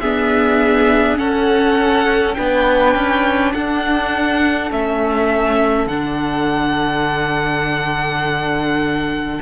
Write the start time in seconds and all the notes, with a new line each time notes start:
0.00 B3 D4 G#4 E5
1.15 C#4 A4 F#5
2.34 B3 D4 B4 G5
2.95 C#4
3.54 D4 A4 F#5
4.70 A3 C#4 E5
5.86 D3 D4 F#5